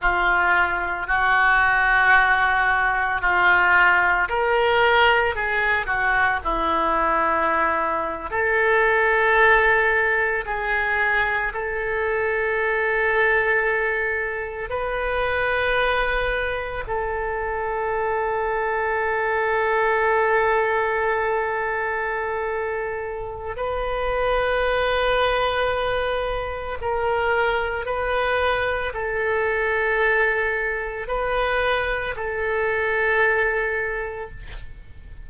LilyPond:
\new Staff \with { instrumentName = "oboe" } { \time 4/4 \tempo 4 = 56 f'4 fis'2 f'4 | ais'4 gis'8 fis'8 e'4.~ e'16 a'16~ | a'4.~ a'16 gis'4 a'4~ a'16~ | a'4.~ a'16 b'2 a'16~ |
a'1~ | a'2 b'2~ | b'4 ais'4 b'4 a'4~ | a'4 b'4 a'2 | }